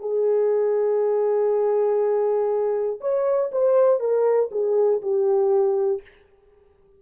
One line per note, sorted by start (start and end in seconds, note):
0.00 3.00 G#4
3.01 3.51 C#5
3.52 4.00 C5
4.00 4.50 A#4
4.52 5.02 G#4
5.02 6.02 G4